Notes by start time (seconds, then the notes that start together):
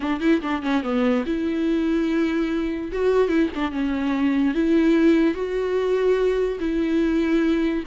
0.00 D4
0.20 E4
0.41 D4
0.62 C#4
0.83 B3
1.26 E4
2.92 F#4
3.28 E4
3.55 D4
3.71 C#4
4.54 E4
5.34 F#4
6.60 E4